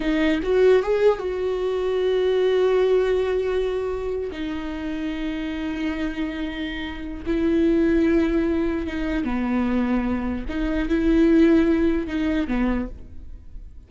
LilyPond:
\new Staff \with { instrumentName = "viola" } { \time 4/4 \tempo 4 = 149 dis'4 fis'4 gis'4 fis'4~ | fis'1~ | fis'2~ fis'8. dis'4~ dis'16~ | dis'1~ |
dis'2 e'2~ | e'2 dis'4 b4~ | b2 dis'4 e'4~ | e'2 dis'4 b4 | }